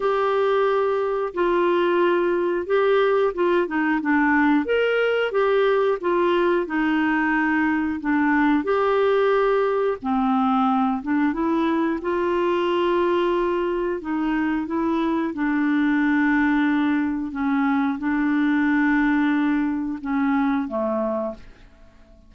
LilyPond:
\new Staff \with { instrumentName = "clarinet" } { \time 4/4 \tempo 4 = 90 g'2 f'2 | g'4 f'8 dis'8 d'4 ais'4 | g'4 f'4 dis'2 | d'4 g'2 c'4~ |
c'8 d'8 e'4 f'2~ | f'4 dis'4 e'4 d'4~ | d'2 cis'4 d'4~ | d'2 cis'4 a4 | }